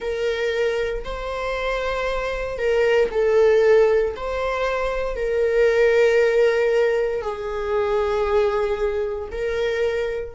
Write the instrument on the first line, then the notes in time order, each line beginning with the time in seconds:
viola
0.00 A#4
1.04 C5
2.58 A#4
3.11 A4
4.16 C5
5.16 A#4
7.21 G#4
9.31 A#4